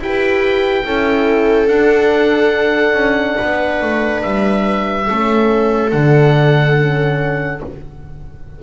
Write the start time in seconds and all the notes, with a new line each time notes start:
0.00 E4 G4 B4 G5
0.85 C#4 E4 A4
1.68 D4 F#5
2.94 C#4
3.37 B3 B4
3.82 A3
4.23 G3 E5
5.09 A3 C#4 A4
5.92 D3 D4 F#5
6.77 C#4